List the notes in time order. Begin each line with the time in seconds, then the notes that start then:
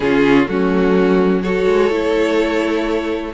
0.00 C#3 C#4 F4 G#4
0.46 F#3 A3 C#4 F#4
1.43 F#4 A4 C#5
1.66 G#3
1.90 A3 E4